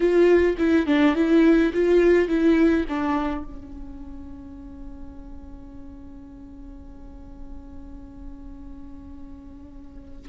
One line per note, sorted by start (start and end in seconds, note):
0.00 0.56 F4
0.58 0.86 E4
0.86 1.15 D4
1.15 1.72 E4
1.73 2.28 F4
2.28 2.85 E4
2.88 3.44 D4
3.44 10.29 C#4